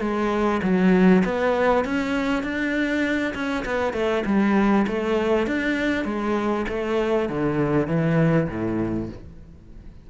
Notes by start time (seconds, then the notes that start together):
0.00 G#3
0.63 F#3
1.25 B3
1.85 C#4
2.43 D4
3.34 C#4
3.65 B3
3.93 A3
4.25 G3
4.87 A3
5.47 D4
6.05 G#3
6.68 A3
7.29 D3
7.87 E3
8.48 A2